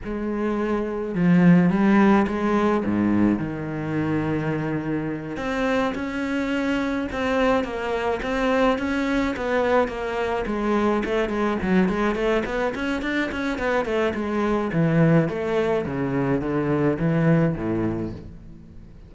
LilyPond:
\new Staff \with { instrumentName = "cello" } { \time 4/4 \tempo 4 = 106 gis2 f4 g4 | gis4 gis,4 dis2~ | dis4. c'4 cis'4.~ | cis'8 c'4 ais4 c'4 cis'8~ |
cis'8 b4 ais4 gis4 a8 | gis8 fis8 gis8 a8 b8 cis'8 d'8 cis'8 | b8 a8 gis4 e4 a4 | cis4 d4 e4 a,4 | }